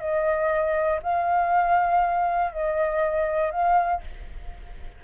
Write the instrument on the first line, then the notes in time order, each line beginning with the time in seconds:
flute
0.00 D#5
1.03 F5
2.52 D#5
3.51 F5